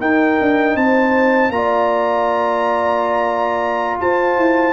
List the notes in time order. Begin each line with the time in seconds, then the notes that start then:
0.00 D#4 A#4 G5
0.41 D4
0.76 C4 C5 A5
1.50 A#3 F4 A#5
1.56 D5
4.01 F4 C5 A5
4.38 E4